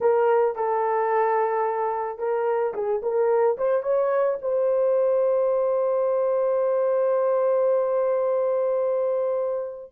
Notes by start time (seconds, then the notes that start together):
0.01 A#4
0.55 A4
2.18 A#4
2.74 G#4
3.02 A#4
3.57 C5
3.83 C#5
4.41 C5